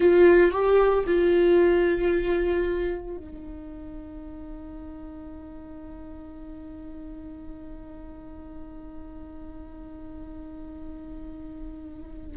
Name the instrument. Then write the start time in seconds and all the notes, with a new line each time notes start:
viola
0.00 F4
0.51 G4
1.06 F4
3.17 D#4